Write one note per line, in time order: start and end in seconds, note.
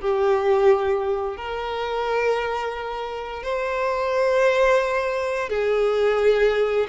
0.00 1.36 G4
1.36 3.43 A#4
3.43 5.49 C5
5.49 6.87 G#4